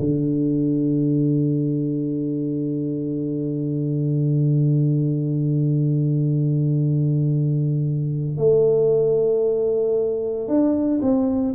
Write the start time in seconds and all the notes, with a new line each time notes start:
0.00 D3
8.38 A3
10.48 D4
11.02 C4